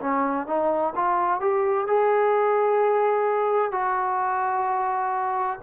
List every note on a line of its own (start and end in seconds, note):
0.00 0.46 C#4
0.46 0.93 D#4
0.95 1.40 F4
1.40 1.87 G4
1.87 3.71 G#4
3.71 5.59 F#4